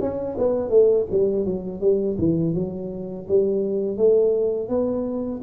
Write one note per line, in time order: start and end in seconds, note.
0.00 0.36 C#4
0.38 0.70 B3
0.70 1.06 A3
1.10 1.45 G3
1.45 1.80 F#3
1.80 2.17 G3
2.18 2.54 E3
2.54 3.27 F#3
3.28 3.97 G3
3.97 4.69 A3
4.69 5.41 B3